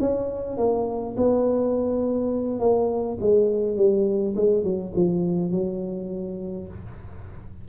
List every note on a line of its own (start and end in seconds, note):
0.00 0.57 C#4
0.57 1.15 A#3
1.17 2.59 B3
2.59 3.18 A#3
3.20 3.76 G#3
3.76 4.35 G3
4.36 4.63 G#3
4.63 4.92 F#3
4.95 5.51 F3
5.51 6.67 F#3